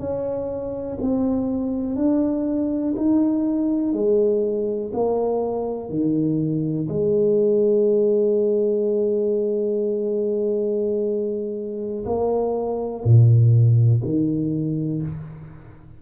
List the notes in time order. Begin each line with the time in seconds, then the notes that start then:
0.00 C#4
1.02 C4
1.96 D4
2.97 D#4
3.93 G#3
4.94 A#3
5.90 D#3
6.89 G#3
12.06 A#3
13.05 A#2
14.04 D#3